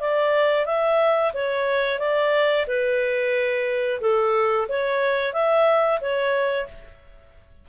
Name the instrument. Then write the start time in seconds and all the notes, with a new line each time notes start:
clarinet
0.00 D5
0.65 E5
1.34 C#5
1.99 D5
2.67 B4
4.01 A4
4.68 C#5
5.33 E5
6.01 C#5